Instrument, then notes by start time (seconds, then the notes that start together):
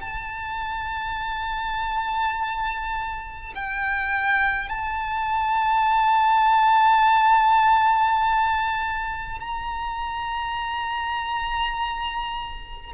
violin
0.00 A5
3.55 G5
4.68 A5
9.40 A#5